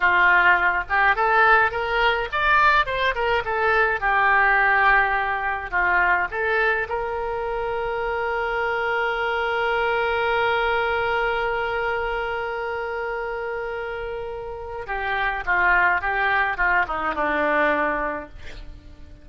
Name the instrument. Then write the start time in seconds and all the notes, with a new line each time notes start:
oboe
0.00 F4
0.89 G4
1.15 A4
1.71 A#4
2.32 D5
2.85 C5
3.14 A#4
3.44 A4
4.00 G4
5.70 F4
6.30 A4
6.88 A#4
14.86 G4
15.45 F4
16.01 G4
16.57 F4
16.87 D#4
17.14 D4